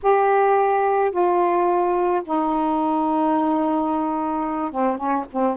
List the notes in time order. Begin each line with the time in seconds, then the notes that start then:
0.02 G4
1.11 F4
2.24 D#4
4.71 C4
4.97 C#4
5.32 C4